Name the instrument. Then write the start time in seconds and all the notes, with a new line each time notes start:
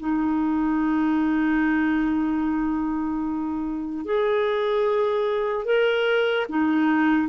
clarinet
0.00 D#4
4.05 G#4
5.66 A#4
6.49 D#4